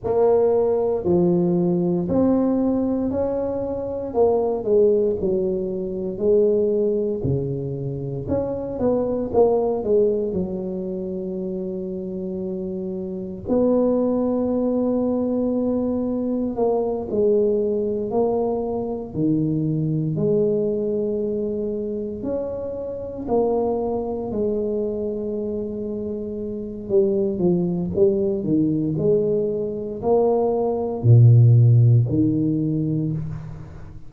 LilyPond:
\new Staff \with { instrumentName = "tuba" } { \time 4/4 \tempo 4 = 58 ais4 f4 c'4 cis'4 | ais8 gis8 fis4 gis4 cis4 | cis'8 b8 ais8 gis8 fis2~ | fis4 b2. |
ais8 gis4 ais4 dis4 gis8~ | gis4. cis'4 ais4 gis8~ | gis2 g8 f8 g8 dis8 | gis4 ais4 ais,4 dis4 | }